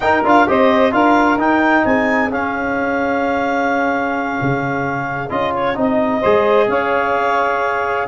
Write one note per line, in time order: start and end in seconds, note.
0.00 0.23 D#4
0.00 0.24 D#4
0.00 0.47 A#4
0.00 0.22 G5
0.24 0.47 D4
0.24 0.47 F4
0.24 0.48 F5
0.47 0.92 C4
0.47 0.91 G4
0.47 0.93 C5
0.47 0.92 D#5
0.91 1.37 D4
0.91 1.37 F4
0.91 1.82 A#4
0.91 1.38 F5
1.37 1.83 D#4
1.37 2.31 D#4
1.37 1.84 G5
1.82 2.30 C4
1.82 6.20 G#4
1.82 2.31 G#5
2.30 4.38 C#4
2.30 5.29 C#4
2.30 5.29 F5
4.41 5.30 C#3
5.29 5.76 C#4
5.29 5.74 F4
5.29 5.52 D#5
5.54 5.77 C#5
5.74 6.23 C4
5.74 6.20 D#4
5.74 6.69 D#5
6.20 6.68 G#3
6.20 8.07 G#4
6.20 6.66 C5
6.68 8.06 C#4
6.68 8.07 C#5
6.68 8.07 F5